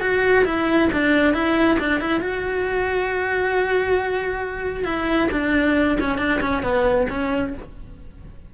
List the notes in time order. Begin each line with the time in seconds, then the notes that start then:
0.00 F#4
0.45 E4
0.92 D4
1.33 E4
1.79 D4
2.00 E4
2.20 F#4
4.84 E4
5.31 D4
6.00 C#4
6.18 D4
6.41 C#4
6.63 B3
7.10 C#4